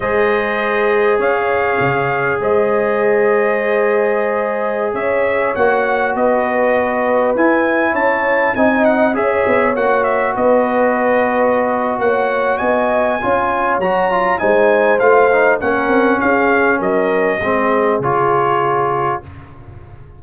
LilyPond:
<<
  \new Staff \with { instrumentName = "trumpet" } { \time 4/4 \tempo 4 = 100 dis''2 f''2 | dis''1~ | dis''16 e''4 fis''4 dis''4.~ dis''16~ | dis''16 gis''4 a''4 gis''8 fis''8 e''8.~ |
e''16 fis''8 e''8 dis''2~ dis''8. | fis''4 gis''2 ais''4 | gis''4 f''4 fis''4 f''4 | dis''2 cis''2 | }
  \new Staff \with { instrumentName = "horn" } { \time 4/4 c''2 cis''2 | c''1~ | c''16 cis''2 b'4.~ b'16~ | b'4~ b'16 cis''4 dis''4 cis''8.~ |
cis''4~ cis''16 b'2~ b'8. | cis''4 dis''4 cis''2 | c''2 ais'4 gis'4 | ais'4 gis'2. | }
  \new Staff \with { instrumentName = "trombone" } { \time 4/4 gis'1~ | gis'1~ | gis'4~ gis'16 fis'2~ fis'8.~ | fis'16 e'2 dis'4 gis'8.~ |
gis'16 fis'2.~ fis'8.~ | fis'2 f'4 fis'8 f'8 | dis'4 f'8 dis'8 cis'2~ | cis'4 c'4 f'2 | }
  \new Staff \with { instrumentName = "tuba" } { \time 4/4 gis2 cis'4 cis4 | gis1~ | gis16 cis'4 ais4 b4.~ b16~ | b16 e'4 cis'4 c'4 cis'8 b16~ |
b16 ais4 b2~ b8. | ais4 b4 cis'4 fis4 | gis4 a4 ais8 c'8 cis'4 | fis4 gis4 cis2 | }
>>